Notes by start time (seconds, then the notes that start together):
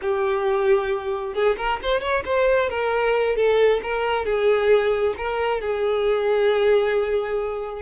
0.01 G4
1.34 G#4
1.57 A#4
1.82 C5
2.00 C#5
2.25 C5
2.69 A#4
3.36 A4
3.83 A#4
4.25 G#4
5.17 A#4
5.61 G#4